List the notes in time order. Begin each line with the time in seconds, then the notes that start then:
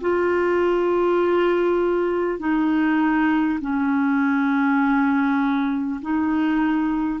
0.00 F4
2.39 D#4
3.60 C#4
6.01 D#4